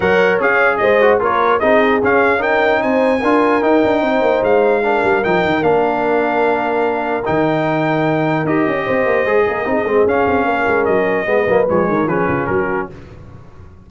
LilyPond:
<<
  \new Staff \with { instrumentName = "trumpet" } { \time 4/4 \tempo 4 = 149 fis''4 f''4 dis''4 cis''4 | dis''4 f''4 g''4 gis''4~ | gis''4 g''2 f''4~ | f''4 g''4 f''2~ |
f''2 g''2~ | g''4 dis''2.~ | dis''4 f''2 dis''4~ | dis''4 cis''4 b'4 ais'4 | }
  \new Staff \with { instrumentName = "horn" } { \time 4/4 cis''2 c''4 ais'4 | gis'2 ais'4 c''4 | ais'2 c''2 | ais'1~ |
ais'1~ | ais'2 c''4. ais'8 | gis'2 ais'2 | b'4. ais'8 gis'8 f'8 fis'4 | }
  \new Staff \with { instrumentName = "trombone" } { \time 4/4 ais'4 gis'4. fis'8 f'4 | dis'4 cis'4 dis'2 | f'4 dis'2. | d'4 dis'4 d'2~ |
d'2 dis'2~ | dis'4 g'2 gis'4 | dis'8 c'8 cis'2. | b8 ais8 gis4 cis'2 | }
  \new Staff \with { instrumentName = "tuba" } { \time 4/4 fis4 cis'4 gis4 ais4 | c'4 cis'2 c'4 | d'4 dis'8 d'8 c'8 ais8 gis4~ | gis8 g8 f8 dis8 ais2~ |
ais2 dis2~ | dis4 dis'8 cis'8 c'8 ais8 gis8 ais8 | c'8 gis8 cis'8 c'8 ais8 gis8 fis4 | gis8 fis8 f8 dis8 f8 cis8 fis4 | }
>>